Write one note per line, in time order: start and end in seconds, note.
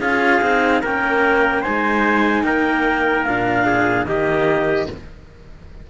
0.00 0.41 C#4
0.00 0.42 F4
0.00 0.81 G#4
0.00 0.82 F5
0.42 0.83 C4
0.42 0.84 D#4
0.81 1.64 A#3
0.81 1.64 C#4
0.81 1.61 A#4
0.81 1.63 G5
1.61 3.26 D#4
1.61 2.42 C5
1.61 2.44 G#5
1.68 2.44 G#3
2.44 3.25 A#3
2.44 3.66 A#4
2.44 3.24 G5
3.24 4.05 A#2
3.24 4.07 D4
3.24 4.06 F5
3.66 4.06 G#4
4.05 4.86 D#3
4.05 4.88 A#3
4.05 4.90 G4
4.05 4.88 D#5